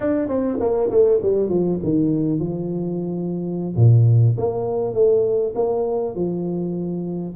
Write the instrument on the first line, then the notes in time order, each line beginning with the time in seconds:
tuba
0.00 D4
0.28 C4
0.60 A#3
0.90 A3
1.22 G3
1.49 F3
1.83 D#3
2.39 F3
3.76 A#2
4.37 A#3
4.94 A3
5.55 A#3
6.15 F3